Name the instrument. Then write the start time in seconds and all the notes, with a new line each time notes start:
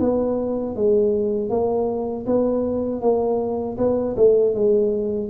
tuba
0.00 B3
0.76 G#3
1.50 A#3
2.26 B3
3.02 A#3
3.78 B3
4.17 A3
4.55 G#3